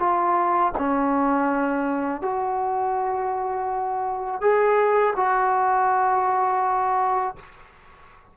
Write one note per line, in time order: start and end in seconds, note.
0.00 0.73 F4
0.79 2.22 C#4
2.22 4.41 F#4
4.41 5.15 G#4
5.17 7.36 F#4